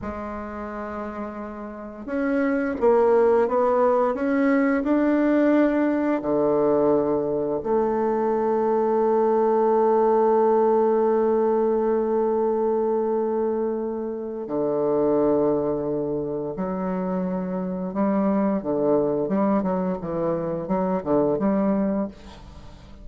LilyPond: \new Staff \with { instrumentName = "bassoon" } { \time 4/4 \tempo 4 = 87 gis2. cis'4 | ais4 b4 cis'4 d'4~ | d'4 d2 a4~ | a1~ |
a1~ | a4 d2. | fis2 g4 d4 | g8 fis8 e4 fis8 d8 g4 | }